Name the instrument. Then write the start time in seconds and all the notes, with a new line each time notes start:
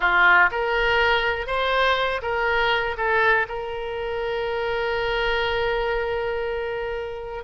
oboe
0.00 F4
0.51 A#4
1.46 C5
2.22 A#4
2.97 A4
3.48 A#4